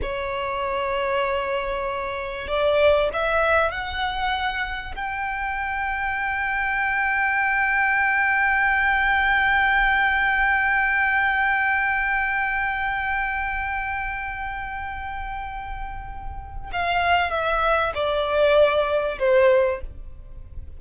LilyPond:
\new Staff \with { instrumentName = "violin" } { \time 4/4 \tempo 4 = 97 cis''1 | d''4 e''4 fis''2 | g''1~ | g''1~ |
g''1~ | g''1~ | g''2. f''4 | e''4 d''2 c''4 | }